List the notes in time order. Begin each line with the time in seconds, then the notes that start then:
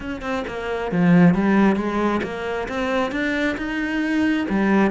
0.00 C#4
0.21 C4
0.47 A#3
0.91 F3
1.34 G3
1.76 G#3
2.23 A#3
2.68 C4
3.11 D4
3.57 D#4
4.49 G3